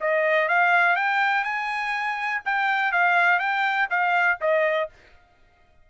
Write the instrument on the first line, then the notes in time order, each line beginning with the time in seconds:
trumpet
0.00 D#5
0.48 F5
0.96 G5
1.44 G#5
2.45 G5
2.92 F5
3.39 G5
3.90 F5
4.41 D#5